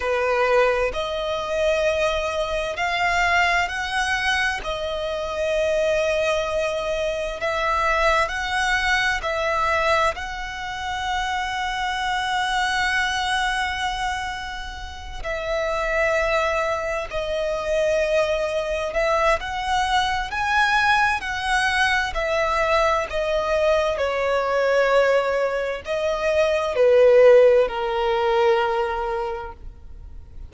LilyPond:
\new Staff \with { instrumentName = "violin" } { \time 4/4 \tempo 4 = 65 b'4 dis''2 f''4 | fis''4 dis''2. | e''4 fis''4 e''4 fis''4~ | fis''1~ |
fis''8 e''2 dis''4.~ | dis''8 e''8 fis''4 gis''4 fis''4 | e''4 dis''4 cis''2 | dis''4 b'4 ais'2 | }